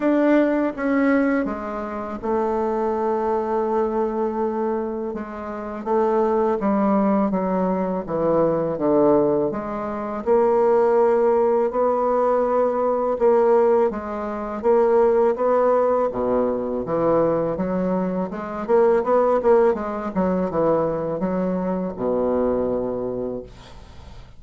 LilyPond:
\new Staff \with { instrumentName = "bassoon" } { \time 4/4 \tempo 4 = 82 d'4 cis'4 gis4 a4~ | a2. gis4 | a4 g4 fis4 e4 | d4 gis4 ais2 |
b2 ais4 gis4 | ais4 b4 b,4 e4 | fis4 gis8 ais8 b8 ais8 gis8 fis8 | e4 fis4 b,2 | }